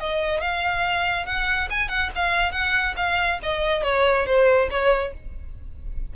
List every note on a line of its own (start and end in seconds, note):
0.00 0.41 D#5
0.41 1.26 F5
1.26 1.69 F#5
1.71 1.89 G#5
1.89 2.10 F#5
2.16 2.52 F5
2.52 2.95 F#5
2.97 3.40 F5
3.43 3.84 D#5
3.84 4.26 C#5
4.26 4.69 C5
4.71 5.14 C#5